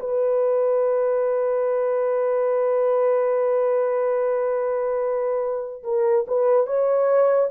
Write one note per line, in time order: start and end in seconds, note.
0.00 5.83 B4
5.84 6.26 A#4
6.28 6.67 B4
6.67 7.50 C#5